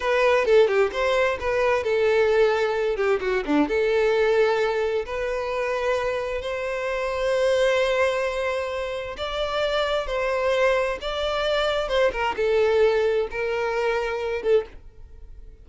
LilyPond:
\new Staff \with { instrumentName = "violin" } { \time 4/4 \tempo 4 = 131 b'4 a'8 g'8 c''4 b'4 | a'2~ a'8 g'8 fis'8 d'8 | a'2. b'4~ | b'2 c''2~ |
c''1 | d''2 c''2 | d''2 c''8 ais'8 a'4~ | a'4 ais'2~ ais'8 a'8 | }